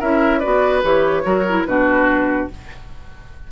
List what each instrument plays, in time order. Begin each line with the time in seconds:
0.00 bassoon C#4, clarinet E4, oboe A#4, flute E5
0.40 bassoon B3, clarinet F#4, oboe B4, flute D5
0.83 bassoon E3, clarinet G4, flute C#5
1.24 bassoon F#3, clarinet F#4, oboe A#4
1.49 clarinet E4
1.65 bassoon B2, clarinet D4, oboe F#4, flute B4